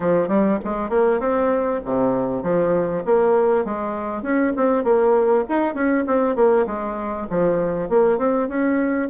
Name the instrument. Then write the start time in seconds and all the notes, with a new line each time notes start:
bassoon
0.00 F3
0.28 G3
0.64 G#3
0.89 A#3
1.20 C4
1.85 C3
2.42 F3
3.05 A#3
3.64 G#3
4.22 C#4
4.56 C4
4.83 A#3
5.48 D#4
5.74 C#4
6.06 C4
6.35 A#3
6.66 G#3
7.30 F3
7.89 A#3
8.18 C4
8.48 C#4